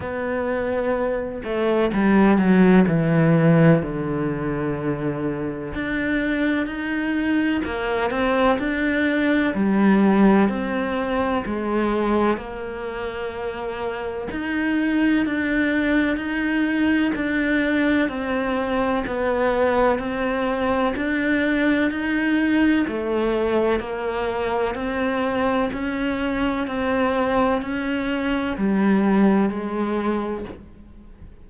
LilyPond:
\new Staff \with { instrumentName = "cello" } { \time 4/4 \tempo 4 = 63 b4. a8 g8 fis8 e4 | d2 d'4 dis'4 | ais8 c'8 d'4 g4 c'4 | gis4 ais2 dis'4 |
d'4 dis'4 d'4 c'4 | b4 c'4 d'4 dis'4 | a4 ais4 c'4 cis'4 | c'4 cis'4 g4 gis4 | }